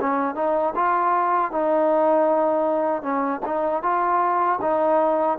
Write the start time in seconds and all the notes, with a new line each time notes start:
0.00 C#4
0.35 D#4
0.76 F4
1.51 D#4
3.02 C#4
3.45 D#4
3.83 F4
4.62 D#4